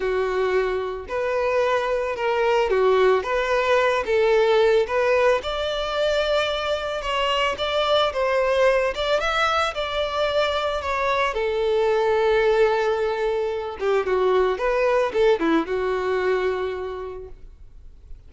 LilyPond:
\new Staff \with { instrumentName = "violin" } { \time 4/4 \tempo 4 = 111 fis'2 b'2 | ais'4 fis'4 b'4. a'8~ | a'4 b'4 d''2~ | d''4 cis''4 d''4 c''4~ |
c''8 d''8 e''4 d''2 | cis''4 a'2.~ | a'4. g'8 fis'4 b'4 | a'8 e'8 fis'2. | }